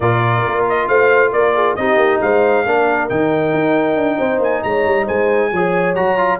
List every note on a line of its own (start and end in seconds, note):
0.00 0.43 A#2
0.00 1.78 F4
0.00 0.87 A#4
0.00 0.65 D5
0.46 0.88 A#3
0.69 0.87 D#5
0.87 1.32 A3
0.87 1.32 C5
0.87 1.32 F5
1.32 1.76 A#3
1.32 1.55 A#4
1.32 1.75 D5
1.55 1.77 G#4
1.75 1.96 C4
1.75 2.66 D#4
1.75 2.22 G4
1.75 2.19 D#5
1.96 2.18 A#3
2.21 2.65 G#3
2.21 2.66 C5
2.21 3.09 F5
2.65 3.09 A#3
2.65 3.09 D4
2.65 4.17 A#4
3.09 3.53 D#3
3.09 5.52 D#4
3.09 4.41 G5
3.53 3.95 D#4
3.95 4.18 D4
4.17 4.39 C4
4.17 4.61 C5
4.39 4.61 A#3
4.39 4.63 G#5
4.63 4.85 G#3
4.63 5.05 C#5
4.63 5.07 A#5
4.85 5.07 G3
5.05 5.51 G#3
5.05 5.49 C5
5.05 5.95 G#5
5.51 5.95 F3
5.51 5.95 G#4
5.51 6.39 C#5
5.95 6.39 F#3
5.95 6.17 F#4
5.95 6.39 A#5
6.17 6.39 F4